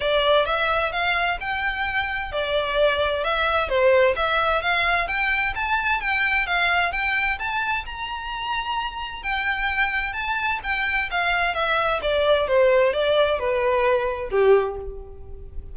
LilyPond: \new Staff \with { instrumentName = "violin" } { \time 4/4 \tempo 4 = 130 d''4 e''4 f''4 g''4~ | g''4 d''2 e''4 | c''4 e''4 f''4 g''4 | a''4 g''4 f''4 g''4 |
a''4 ais''2. | g''2 a''4 g''4 | f''4 e''4 d''4 c''4 | d''4 b'2 g'4 | }